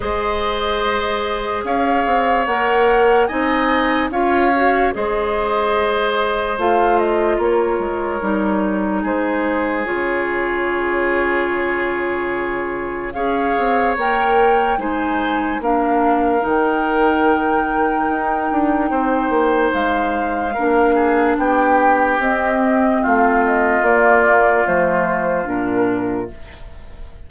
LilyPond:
<<
  \new Staff \with { instrumentName = "flute" } { \time 4/4 \tempo 4 = 73 dis''2 f''4 fis''4 | gis''4 f''4 dis''2 | f''8 dis''8 cis''2 c''4 | cis''1 |
f''4 g''4 gis''4 f''4 | g''1 | f''2 g''4 dis''4 | f''8 dis''8 d''4 c''4 ais'4 | }
  \new Staff \with { instrumentName = "oboe" } { \time 4/4 c''2 cis''2 | dis''4 cis''4 c''2~ | c''4 ais'2 gis'4~ | gis'1 |
cis''2 c''4 ais'4~ | ais'2. c''4~ | c''4 ais'8 gis'8 g'2 | f'1 | }
  \new Staff \with { instrumentName = "clarinet" } { \time 4/4 gis'2. ais'4 | dis'4 f'8 fis'8 gis'2 | f'2 dis'2 | f'1 |
gis'4 ais'4 dis'4 d'4 | dis'1~ | dis'4 d'2 c'4~ | c'4 ais4 a4 d'4 | }
  \new Staff \with { instrumentName = "bassoon" } { \time 4/4 gis2 cis'8 c'8 ais4 | c'4 cis'4 gis2 | a4 ais8 gis8 g4 gis4 | cis1 |
cis'8 c'8 ais4 gis4 ais4 | dis2 dis'8 d'8 c'8 ais8 | gis4 ais4 b4 c'4 | a4 ais4 f4 ais,4 | }
>>